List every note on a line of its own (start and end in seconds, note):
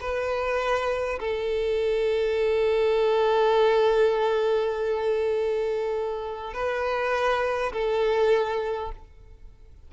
0.00 1.19 B4
1.19 6.53 A4
6.53 7.72 B4
7.72 8.91 A4